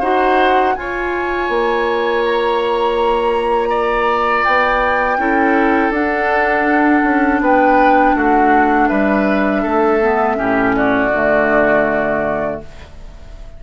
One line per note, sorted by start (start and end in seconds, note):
0.00 0.76 D#4
0.00 0.76 F#4
0.00 0.74 C5
0.00 0.76 F#5
0.76 5.19 F4
0.76 1.49 F4
0.76 3.70 C#5
0.76 2.24 G#5
1.49 4.46 A#3
2.25 4.45 A#5
3.70 5.18 D5
4.45 5.18 B3
4.45 5.93 G5
5.18 5.91 C#4
5.18 5.93 E4
5.18 7.43 A4
5.91 7.02 D4
5.91 10.01 D4
5.91 7.42 F#5
7.04 7.41 C#4
7.41 8.15 B3
7.41 8.16 B4
7.41 8.17 G5
8.15 8.90 A3
8.15 8.89 F#4
8.15 8.89 F#5
8.89 9.65 G3
8.89 9.62 B4
8.89 10.74 E5
9.62 10.39 A3
9.62 10.37 A4
10.02 10.36 B3
10.36 11.12 A2
10.36 11.10 C#4
10.36 10.76 G4
10.76 12.62 F#4
10.76 12.61 D5
11.12 12.60 D3
11.12 12.64 A3